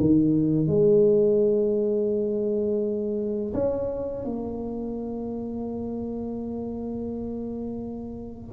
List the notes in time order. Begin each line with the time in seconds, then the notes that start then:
0.00 D#3
0.68 G#3
3.54 C#4
4.25 A#3